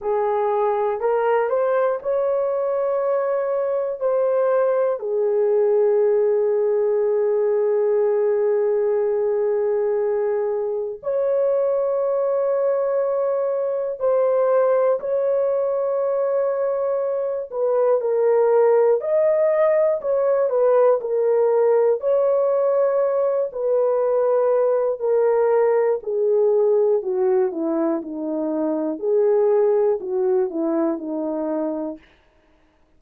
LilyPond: \new Staff \with { instrumentName = "horn" } { \time 4/4 \tempo 4 = 60 gis'4 ais'8 c''8 cis''2 | c''4 gis'2.~ | gis'2. cis''4~ | cis''2 c''4 cis''4~ |
cis''4. b'8 ais'4 dis''4 | cis''8 b'8 ais'4 cis''4. b'8~ | b'4 ais'4 gis'4 fis'8 e'8 | dis'4 gis'4 fis'8 e'8 dis'4 | }